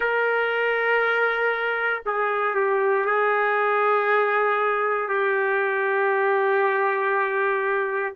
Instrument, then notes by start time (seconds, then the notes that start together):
trumpet
0.00 A#4
2.05 G#4
2.54 G4
3.05 G#4
5.08 G4